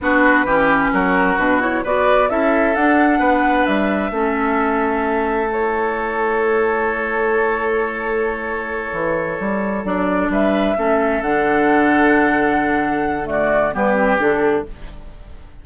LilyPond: <<
  \new Staff \with { instrumentName = "flute" } { \time 4/4 \tempo 4 = 131 b'2 ais'4 b'8 cis''8 | d''4 e''4 fis''2 | e''1 | cis''1~ |
cis''1~ | cis''4. d''4 e''4.~ | e''8 fis''2.~ fis''8~ | fis''4 d''4 b'4 a'4 | }
  \new Staff \with { instrumentName = "oboe" } { \time 4/4 fis'4 g'4 fis'2 | b'4 a'2 b'4~ | b'4 a'2.~ | a'1~ |
a'1~ | a'2~ a'8 b'4 a'8~ | a'1~ | a'4 fis'4 g'2 | }
  \new Staff \with { instrumentName = "clarinet" } { \time 4/4 d'4 cis'2 d'8 e'8 | fis'4 e'4 d'2~ | d'4 cis'2. | e'1~ |
e'1~ | e'4. d'2 cis'8~ | cis'8 d'2.~ d'8~ | d'4 a4 b8 c'8 d'4 | }
  \new Staff \with { instrumentName = "bassoon" } { \time 4/4 b4 e4 fis4 b,4 | b4 cis'4 d'4 b4 | g4 a2.~ | a1~ |
a2.~ a8 e8~ | e8 g4 fis4 g4 a8~ | a8 d2.~ d8~ | d2 g4 d4 | }
>>